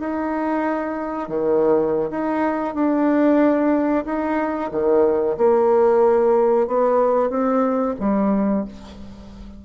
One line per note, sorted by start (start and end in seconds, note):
0.00 1.29 D#4
1.29 2.10 D#3
2.11 2.75 D#4
2.75 4.05 D4
4.06 4.71 D#4
4.71 5.37 D#3
5.38 6.68 A#3
6.68 7.30 B3
7.30 7.95 C4
8.00 8.65 G3